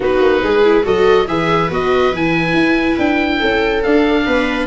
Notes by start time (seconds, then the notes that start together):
0.00 B3 D#4 F#4 B4
0.20 A#3
0.42 G#3 G#4
0.63 E4
0.83 F#3 F#4 A4 D#5
1.27 E3 G#4 B4 E5
1.70 B3 F#4 D#5
2.11 E3 E4 G#5
2.53 E4
2.98 D4 G5
3.39 C#4 A4
3.83 D4 F5
4.26 B3 B4